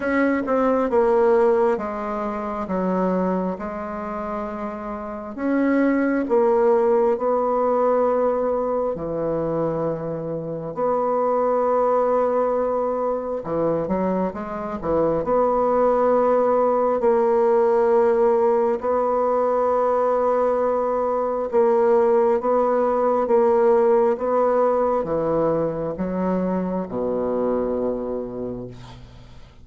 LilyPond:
\new Staff \with { instrumentName = "bassoon" } { \time 4/4 \tempo 4 = 67 cis'8 c'8 ais4 gis4 fis4 | gis2 cis'4 ais4 | b2 e2 | b2. e8 fis8 |
gis8 e8 b2 ais4~ | ais4 b2. | ais4 b4 ais4 b4 | e4 fis4 b,2 | }